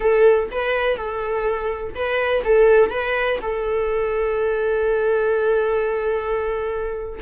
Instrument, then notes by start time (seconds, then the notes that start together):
viola
0.00 A4
0.51 B4
0.96 A4
1.94 B4
2.44 A4
2.90 B4
3.41 A4